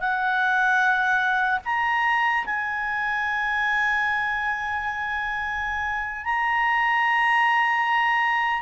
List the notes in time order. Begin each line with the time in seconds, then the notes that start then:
0.00 F#5
1.65 A#5
2.46 G#5
6.25 A#5